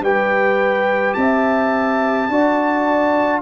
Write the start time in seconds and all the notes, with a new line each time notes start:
0.00 G3 G4 B4 G5
1.13 C4 E5 A5
2.29 D4 F#4 D5